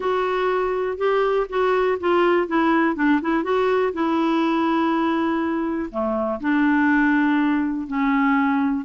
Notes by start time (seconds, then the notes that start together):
0.00 F#4
0.97 G4
1.49 F#4
2.00 F4
2.47 E4
2.95 D4
3.21 E4
3.43 F#4
3.93 E4
5.91 A3
6.40 D4
7.87 C#4